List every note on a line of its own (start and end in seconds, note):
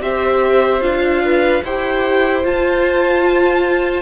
0.00 0.80 C4
0.00 0.80 G4
0.00 1.23 C5
0.00 0.82 E5
0.80 1.61 D4
0.80 1.61 F4
0.80 1.63 F5
1.24 1.63 B4
1.63 2.44 E4
1.63 2.43 G4
1.63 4.01 C5
1.63 2.45 G5
2.43 4.01 F4
2.43 4.01 A5